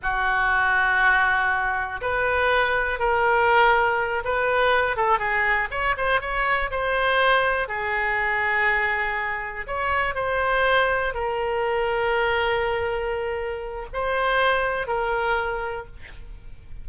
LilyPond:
\new Staff \with { instrumentName = "oboe" } { \time 4/4 \tempo 4 = 121 fis'1 | b'2 ais'2~ | ais'8 b'4. a'8 gis'4 cis''8 | c''8 cis''4 c''2 gis'8~ |
gis'2.~ gis'8 cis''8~ | cis''8 c''2 ais'4.~ | ais'1 | c''2 ais'2 | }